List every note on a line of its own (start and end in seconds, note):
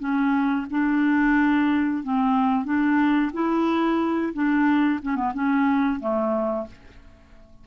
0.00 0.67 C#4
0.71 2.04 D4
2.04 2.65 C4
2.65 3.32 D4
3.34 4.34 E4
4.34 5.01 D4
5.02 5.16 C#4
5.16 5.33 B3
5.34 6.00 C#4
6.00 6.67 A3